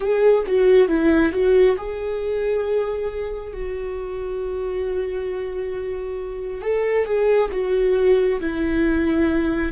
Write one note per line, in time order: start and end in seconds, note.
0.00 0.43 G#4
0.47 0.88 F#4
0.88 1.32 E4
1.32 1.76 F#4
1.77 3.53 G#4
3.53 6.61 F#4
6.61 7.04 A4
7.04 7.48 G#4
7.51 8.39 F#4
8.40 9.72 E4